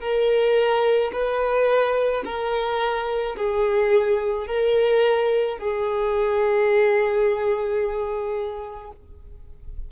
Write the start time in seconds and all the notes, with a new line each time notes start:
0.00 A#4
1.13 B4
2.25 A#4
3.36 G#4
4.47 A#4
5.58 G#4